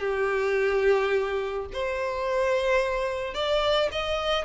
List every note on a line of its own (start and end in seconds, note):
0.00 1.67 G4
1.73 3.34 C5
3.34 3.90 D5
3.92 4.45 D#5